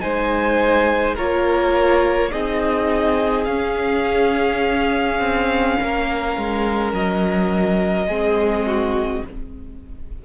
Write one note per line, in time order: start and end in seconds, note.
0.00 1.19 G#3
0.00 1.15 D#4
0.00 1.16 C5
0.00 1.16 G#5
1.16 2.33 A#3
1.16 2.31 F4
1.16 2.31 A#4
1.16 2.32 C#5
2.31 3.47 C4
2.31 3.46 D#4
2.31 5.79 G#4
2.31 3.45 D#5
3.45 5.19 C#4
3.45 8.09 C#4
3.45 6.91 F5
5.19 5.77 C4
5.82 6.37 A#3
5.82 8.08 A#4
6.37 6.93 G#3
6.93 8.07 F#3
6.93 9.25 D#5
8.07 9.22 G#3
8.07 9.24 C4
8.07 8.65 G#4
8.67 9.25 F#4